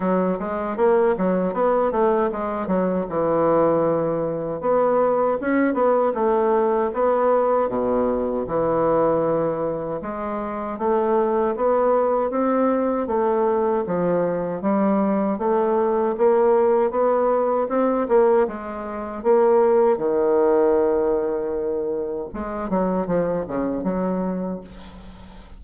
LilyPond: \new Staff \with { instrumentName = "bassoon" } { \time 4/4 \tempo 4 = 78 fis8 gis8 ais8 fis8 b8 a8 gis8 fis8 | e2 b4 cis'8 b8 | a4 b4 b,4 e4~ | e4 gis4 a4 b4 |
c'4 a4 f4 g4 | a4 ais4 b4 c'8 ais8 | gis4 ais4 dis2~ | dis4 gis8 fis8 f8 cis8 fis4 | }